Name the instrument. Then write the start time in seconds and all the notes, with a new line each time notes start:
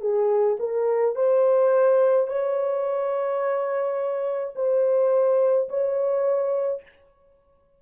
horn
0.00 G#4
0.59 A#4
1.15 C5
2.27 C#5
4.55 C5
5.69 C#5